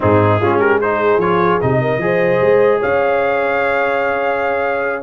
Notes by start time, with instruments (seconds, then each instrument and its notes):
0.00 tuba G#2, trombone C4, horn D#4, trumpet G#4
0.40 tuba G#3, trombone C#4, horn F4
0.58 horn G4, trumpet A#4
0.80 trombone D#4, horn G#4, trumpet C5
1.17 tuba F3, trombone F4, trumpet C#5
1.61 tuba C3, trombone D#4, trumpet D#5
1.81 horn A#4
1.98 tuba F3, trombone G#4
2.04 horn C5
2.41 tuba G#3
2.80 tuba C#4, horn C#5, trumpet F5